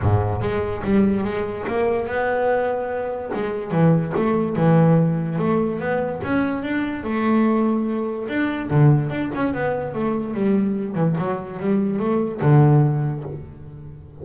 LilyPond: \new Staff \with { instrumentName = "double bass" } { \time 4/4 \tempo 4 = 145 gis,4 gis4 g4 gis4 | ais4 b2. | gis4 e4 a4 e4~ | e4 a4 b4 cis'4 |
d'4 a2. | d'4 d4 d'8 cis'8 b4 | a4 g4. e8 fis4 | g4 a4 d2 | }